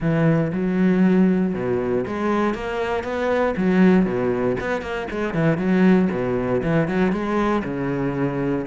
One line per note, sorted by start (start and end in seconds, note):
0.00 0.51 E3
0.52 1.54 F#3
1.54 2.05 B2
2.07 2.54 G#3
2.54 3.03 A#3
3.03 3.54 B3
3.56 4.05 F#3
4.05 4.56 B2
4.60 4.81 B3
4.81 5.07 A#3
5.11 5.34 G#3
5.34 5.57 E3
5.57 6.08 F#3
6.11 6.62 B2
6.62 6.88 E3
6.88 7.12 F#3
7.12 7.62 G#3
7.64 8.66 C#3